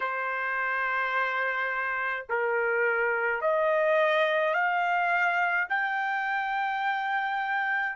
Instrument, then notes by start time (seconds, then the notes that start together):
trumpet
0.00 C5
2.29 A#4
3.41 D#5
4.54 F5
5.69 G5